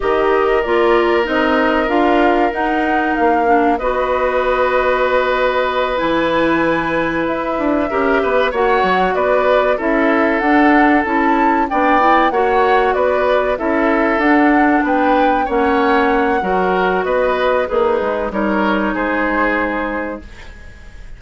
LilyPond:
<<
  \new Staff \with { instrumentName = "flute" } { \time 4/4 \tempo 4 = 95 dis''4 d''4 dis''4 f''4 | fis''4 f''4 dis''2~ | dis''4. gis''2 e''8~ | e''4. fis''4 d''4 e''8~ |
e''8 fis''4 a''4 g''4 fis''8~ | fis''8 d''4 e''4 fis''4 g''8~ | g''8 fis''2~ fis''8 dis''4 | b'4 cis''4 c''2 | }
  \new Staff \with { instrumentName = "oboe" } { \time 4/4 ais'1~ | ais'2 b'2~ | b'1~ | b'8 ais'8 b'8 cis''4 b'4 a'8~ |
a'2~ a'8 d''4 cis''8~ | cis''8 b'4 a'2 b'8~ | b'8 cis''4. ais'4 b'4 | dis'4 ais'4 gis'2 | }
  \new Staff \with { instrumentName = "clarinet" } { \time 4/4 g'4 f'4 dis'4 f'4 | dis'4. d'8 fis'2~ | fis'4. e'2~ e'8~ | e'8 g'4 fis'2 e'8~ |
e'8 d'4 e'4 d'8 e'8 fis'8~ | fis'4. e'4 d'4.~ | d'8 cis'4. fis'2 | gis'4 dis'2. | }
  \new Staff \with { instrumentName = "bassoon" } { \time 4/4 dis4 ais4 c'4 d'4 | dis'4 ais4 b2~ | b4. e2 e'8 | d'8 cis'8 b8 ais8 fis8 b4 cis'8~ |
cis'8 d'4 cis'4 b4 ais8~ | ais8 b4 cis'4 d'4 b8~ | b8 ais4. fis4 b4 | ais8 gis8 g4 gis2 | }
>>